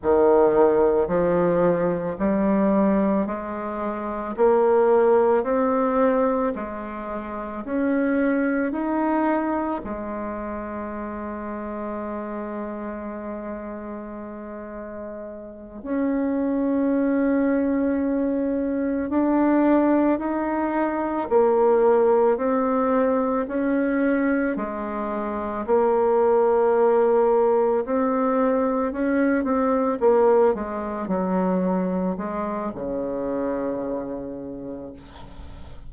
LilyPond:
\new Staff \with { instrumentName = "bassoon" } { \time 4/4 \tempo 4 = 55 dis4 f4 g4 gis4 | ais4 c'4 gis4 cis'4 | dis'4 gis2.~ | gis2~ gis8 cis'4.~ |
cis'4. d'4 dis'4 ais8~ | ais8 c'4 cis'4 gis4 ais8~ | ais4. c'4 cis'8 c'8 ais8 | gis8 fis4 gis8 cis2 | }